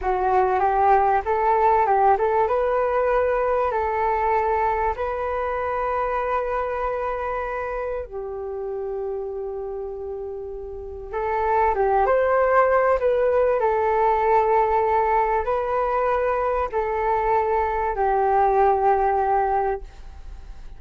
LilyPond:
\new Staff \with { instrumentName = "flute" } { \time 4/4 \tempo 4 = 97 fis'4 g'4 a'4 g'8 a'8 | b'2 a'2 | b'1~ | b'4 g'2.~ |
g'2 a'4 g'8 c''8~ | c''4 b'4 a'2~ | a'4 b'2 a'4~ | a'4 g'2. | }